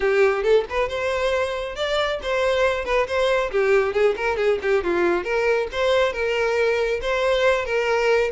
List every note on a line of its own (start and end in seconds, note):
0.00 0.43 G4
0.43 0.64 A4
0.69 0.89 B4
0.89 1.75 C5
1.75 2.19 D5
2.22 2.84 C5
2.84 3.06 B4
3.07 3.50 C5
3.51 3.93 G4
3.93 4.15 G#4
4.16 4.36 A#4
4.36 4.58 G#4
4.61 4.83 G4
4.83 5.24 F4
5.24 5.67 A#4
5.72 6.13 C5
6.13 7.00 A#4
7.01 7.65 C5
7.65 8.31 A#4